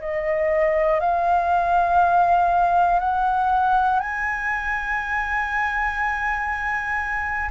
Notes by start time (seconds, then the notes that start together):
0.00 D#5
1.00 F5
2.99 F#5
4.00 G#5